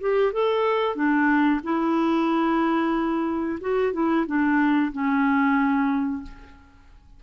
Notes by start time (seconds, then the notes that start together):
0.00 G4
0.32 A4
0.95 D4
1.63 E4
3.60 F#4
3.93 E4
4.26 D4
4.92 C#4